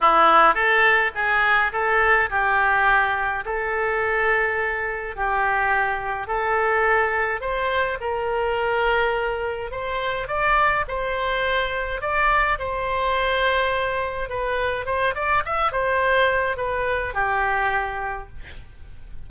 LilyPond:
\new Staff \with { instrumentName = "oboe" } { \time 4/4 \tempo 4 = 105 e'4 a'4 gis'4 a'4 | g'2 a'2~ | a'4 g'2 a'4~ | a'4 c''4 ais'2~ |
ais'4 c''4 d''4 c''4~ | c''4 d''4 c''2~ | c''4 b'4 c''8 d''8 e''8 c''8~ | c''4 b'4 g'2 | }